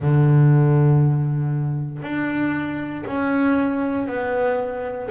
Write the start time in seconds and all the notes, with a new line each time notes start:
0.00 D3
2.02 D4
3.06 C#4
4.07 B3